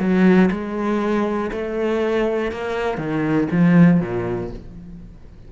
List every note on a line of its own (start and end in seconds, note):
0.00 0.50 F#3
0.51 1.51 G#3
1.52 2.52 A3
2.52 2.98 A#3
2.98 3.48 D#3
3.51 4.01 F3
4.01 4.51 A#2